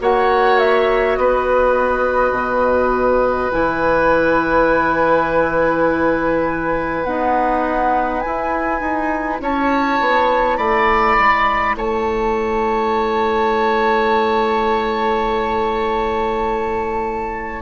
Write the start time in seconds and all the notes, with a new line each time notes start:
0.00 A#3 F#4 C#5 F#5
0.59 E5
1.16 B3 B4 D#5
2.31 B2
3.52 E3 E4 G#5
7.04 B3 D#4 F#5
8.21 E4 G#5
8.81 D#4
9.40 C#4 C#5 A5
10.00 B3
10.57 A3 D5 B5
11.18 G#3
11.75 A3 C#5 A5